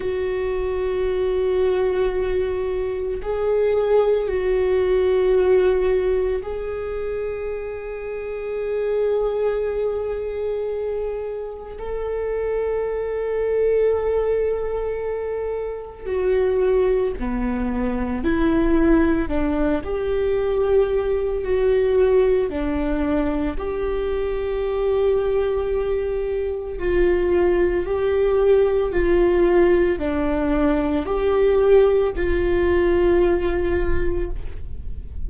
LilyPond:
\new Staff \with { instrumentName = "viola" } { \time 4/4 \tempo 4 = 56 fis'2. gis'4 | fis'2 gis'2~ | gis'2. a'4~ | a'2. fis'4 |
b4 e'4 d'8 g'4. | fis'4 d'4 g'2~ | g'4 f'4 g'4 f'4 | d'4 g'4 f'2 | }